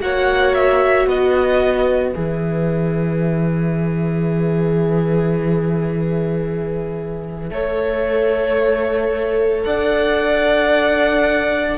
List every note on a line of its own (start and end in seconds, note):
0.00 1.07 A#3
0.00 2.14 F#4
0.00 1.08 C#5
0.00 0.54 F#5
0.54 1.08 E5
1.07 2.14 B3
1.07 7.51 B4
1.07 2.15 D#5
2.15 7.51 E3
2.15 7.50 G#4
2.15 9.65 E5
7.51 9.65 A3
7.51 11.78 A4
7.51 9.67 C#5
9.65 11.78 D4
9.65 11.78 D5
9.65 11.78 F#5